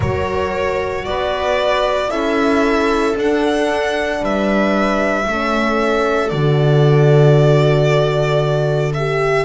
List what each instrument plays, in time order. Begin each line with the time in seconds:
0.00 double bass F#3, horn F#4, viola A#4, violin C#5
1.05 double bass B3, viola B4, violin D5
2.09 double bass C#4, horn E4, viola A4, violin E5
3.15 horn D4, double bass D4, violin F#5
4.21 double bass G3, viola B4, violin E5
5.26 double bass A3, horn C#4, viola A4
6.29 double bass D3, horn F#4, violin D5
8.93 horn G4, violin E5